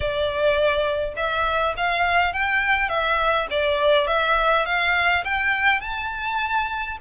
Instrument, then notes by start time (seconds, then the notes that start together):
violin
0.00 D5
1.16 E5
1.76 F5
2.33 G5
2.88 E5
3.50 D5
4.07 E5
4.65 F5
5.24 G5
5.81 A5